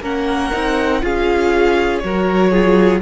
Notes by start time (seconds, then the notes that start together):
0.00 A#3 C#4 A#4 F#5
0.52 C4 D#4
1.01 C#4 F4 G#4 F5
1.99 F#3 F#4 C#5
2.05 A#4
2.51 F4 G#4